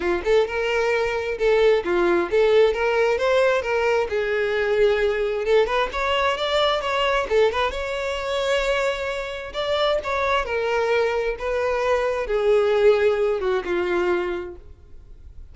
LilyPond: \new Staff \with { instrumentName = "violin" } { \time 4/4 \tempo 4 = 132 f'8 a'8 ais'2 a'4 | f'4 a'4 ais'4 c''4 | ais'4 gis'2. | a'8 b'8 cis''4 d''4 cis''4 |
a'8 b'8 cis''2.~ | cis''4 d''4 cis''4 ais'4~ | ais'4 b'2 gis'4~ | gis'4. fis'8 f'2 | }